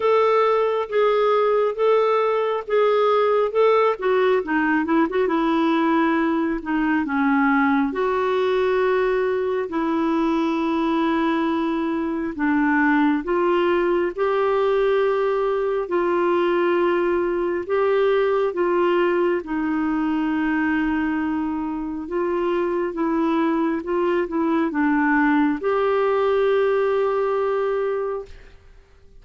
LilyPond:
\new Staff \with { instrumentName = "clarinet" } { \time 4/4 \tempo 4 = 68 a'4 gis'4 a'4 gis'4 | a'8 fis'8 dis'8 e'16 fis'16 e'4. dis'8 | cis'4 fis'2 e'4~ | e'2 d'4 f'4 |
g'2 f'2 | g'4 f'4 dis'2~ | dis'4 f'4 e'4 f'8 e'8 | d'4 g'2. | }